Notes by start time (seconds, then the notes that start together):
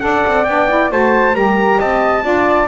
0.00 D4 A4 D5 F#5
0.27 C4
0.44 B3 D4 G5
0.69 E4
0.91 A3 F#4 C5 A5
1.34 G3 G4 A#4 A#5
1.78 C4 D#5 A5
2.22 D4 F4 D5